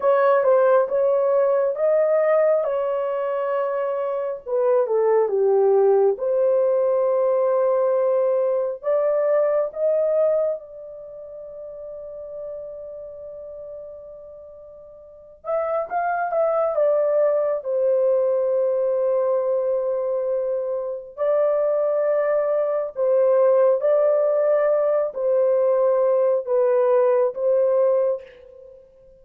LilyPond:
\new Staff \with { instrumentName = "horn" } { \time 4/4 \tempo 4 = 68 cis''8 c''8 cis''4 dis''4 cis''4~ | cis''4 b'8 a'8 g'4 c''4~ | c''2 d''4 dis''4 | d''1~ |
d''4. e''8 f''8 e''8 d''4 | c''1 | d''2 c''4 d''4~ | d''8 c''4. b'4 c''4 | }